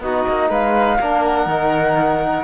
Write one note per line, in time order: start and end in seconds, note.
0.00 0.24 B3
0.00 1.00 D#4
0.00 0.49 F#4
0.00 0.50 D#5
0.29 0.50 A#3
0.49 0.99 G#3
0.49 0.98 B4
0.49 1.24 F5
1.00 1.47 A#3
1.00 1.49 D4
1.00 2.45 A#4
1.24 2.45 F#5
1.47 2.44 D#3
1.47 2.45 D#4